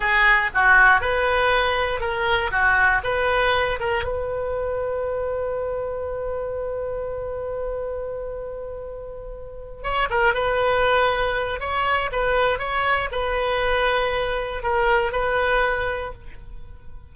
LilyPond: \new Staff \with { instrumentName = "oboe" } { \time 4/4 \tempo 4 = 119 gis'4 fis'4 b'2 | ais'4 fis'4 b'4. ais'8 | b'1~ | b'1~ |
b'2.~ b'8 cis''8 | ais'8 b'2~ b'8 cis''4 | b'4 cis''4 b'2~ | b'4 ais'4 b'2 | }